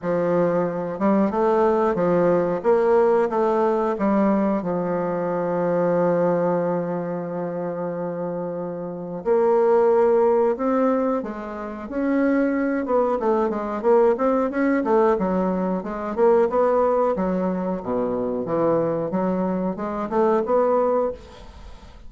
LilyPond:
\new Staff \with { instrumentName = "bassoon" } { \time 4/4 \tempo 4 = 91 f4. g8 a4 f4 | ais4 a4 g4 f4~ | f1~ | f2 ais2 |
c'4 gis4 cis'4. b8 | a8 gis8 ais8 c'8 cis'8 a8 fis4 | gis8 ais8 b4 fis4 b,4 | e4 fis4 gis8 a8 b4 | }